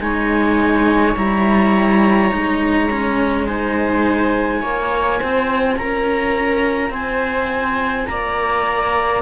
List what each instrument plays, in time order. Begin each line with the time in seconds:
0.00 cello G#3 D#4, viola C#5, clarinet G#5
1.16 cello G3 E4, clarinet A#5
2.31 cello G#3 D#4
2.91 cello C#4
3.45 cello D#4, viola C5, clarinet G#5
4.61 cello A#3 F4, viola C#5
5.19 cello C4, viola C5
5.76 cello C#4, viola A#4, clarinet A#5
6.90 cello C4, viola C5, clarinet G#5
8.06 cello A#3, viola D5, clarinet A#5